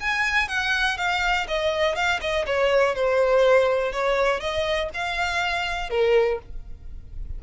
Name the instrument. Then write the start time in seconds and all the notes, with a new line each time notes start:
violin
0.00 G#5
0.48 F#5
0.97 F5
1.48 D#5
1.95 F5
2.21 D#5
2.46 C#5
2.95 C5
3.92 C#5
4.40 D#5
4.94 F5
5.90 A#4